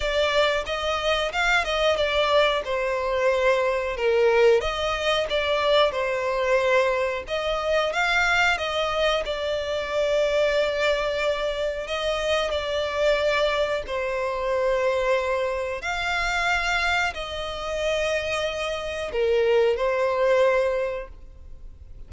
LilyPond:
\new Staff \with { instrumentName = "violin" } { \time 4/4 \tempo 4 = 91 d''4 dis''4 f''8 dis''8 d''4 | c''2 ais'4 dis''4 | d''4 c''2 dis''4 | f''4 dis''4 d''2~ |
d''2 dis''4 d''4~ | d''4 c''2. | f''2 dis''2~ | dis''4 ais'4 c''2 | }